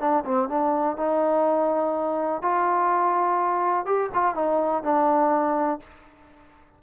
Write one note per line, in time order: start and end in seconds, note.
0.00 0.24 D4
0.25 0.49 C4
0.49 0.97 D4
0.97 2.42 D#4
2.42 3.86 F4
3.86 4.10 G4
4.14 4.35 F4
4.35 4.83 D#4
4.83 5.80 D4